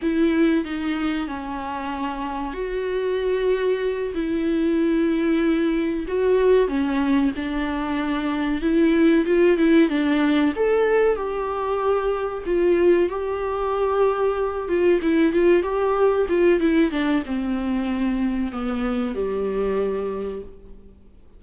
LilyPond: \new Staff \with { instrumentName = "viola" } { \time 4/4 \tempo 4 = 94 e'4 dis'4 cis'2 | fis'2~ fis'8 e'4.~ | e'4. fis'4 cis'4 d'8~ | d'4. e'4 f'8 e'8 d'8~ |
d'8 a'4 g'2 f'8~ | f'8 g'2~ g'8 f'8 e'8 | f'8 g'4 f'8 e'8 d'8 c'4~ | c'4 b4 g2 | }